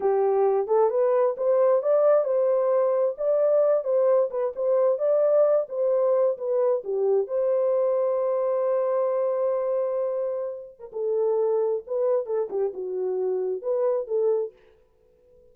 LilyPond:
\new Staff \with { instrumentName = "horn" } { \time 4/4 \tempo 4 = 132 g'4. a'8 b'4 c''4 | d''4 c''2 d''4~ | d''8 c''4 b'8 c''4 d''4~ | d''8 c''4. b'4 g'4 |
c''1~ | c''2.~ c''8. ais'16 | a'2 b'4 a'8 g'8 | fis'2 b'4 a'4 | }